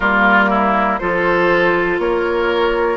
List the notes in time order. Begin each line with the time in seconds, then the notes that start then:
0.00 G3 A#3 F4 A#4
0.49 E4
0.98 F3 F4 A4 C5
1.98 A#3 A#4 C#5